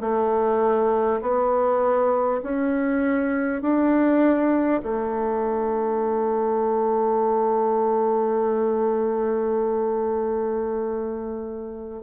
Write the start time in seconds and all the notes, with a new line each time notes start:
0.00 A3
1.21 B3
2.43 C#4
3.62 D4
4.82 A3